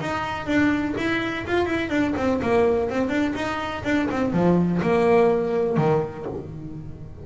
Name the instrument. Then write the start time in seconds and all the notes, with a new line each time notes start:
double bass
0.00 D#4
0.46 D4
0.97 E4
1.46 F4
1.66 E4
1.89 D4
2.16 C4
2.42 A#3
2.89 C4
3.09 D4
3.35 D#4
3.84 D4
4.11 C4
4.32 F3
4.82 A#3
5.77 D#3